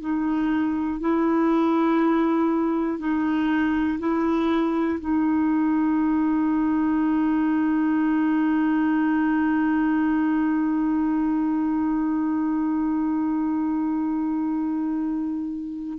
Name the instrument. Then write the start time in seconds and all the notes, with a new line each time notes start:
clarinet
0.00 D#4
1.00 E4
2.99 D#4
3.99 E4
4.99 D#4